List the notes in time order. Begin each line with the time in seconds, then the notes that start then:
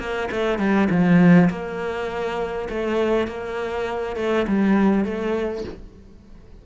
0.00 A#3
0.32 A3
0.59 G3
0.90 F3
1.50 A#3
2.70 A3
3.28 A#3
4.17 A3
4.48 G3
5.05 A3